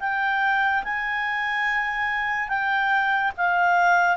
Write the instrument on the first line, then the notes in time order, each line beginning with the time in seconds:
clarinet
0.00 G5
0.84 G#5
2.48 G5
3.37 F5